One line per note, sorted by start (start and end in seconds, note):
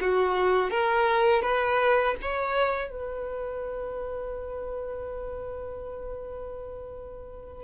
0.00 0.70 F#4
0.70 1.42 A#4
1.42 2.15 B4
2.21 2.90 C#5
2.90 7.64 B4